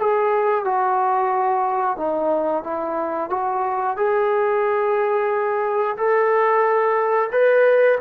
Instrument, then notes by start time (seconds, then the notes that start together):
trombone
0.00 G#4
0.65 F#4
1.97 D#4
2.64 E4
3.30 F#4
3.97 G#4
5.97 A4
7.32 B4